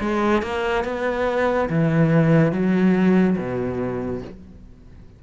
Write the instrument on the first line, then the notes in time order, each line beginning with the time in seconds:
cello
0.00 G#3
0.42 A#3
0.84 B3
1.69 E3
2.52 F#3
3.37 B2